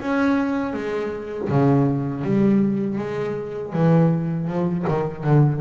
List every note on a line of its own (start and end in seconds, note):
0.00 0.73 C#4
0.73 1.48 G#3
1.49 2.24 C#3
2.24 2.98 G3
2.98 3.73 G#3
3.73 4.47 E3
4.47 4.85 F3
4.88 5.24 D#3
5.24 5.61 D3